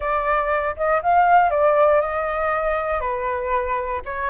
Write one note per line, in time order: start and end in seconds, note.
0.00 0.75 D5
0.76 1.01 D#5
1.02 1.50 F5
1.50 2.00 D5
2.00 3.00 D#5
3.00 4.01 B4
4.05 4.30 C#5